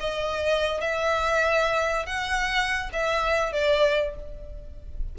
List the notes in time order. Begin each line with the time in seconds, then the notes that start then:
0.00 D#5
0.81 E5
2.06 F#5
2.93 E5
3.53 D5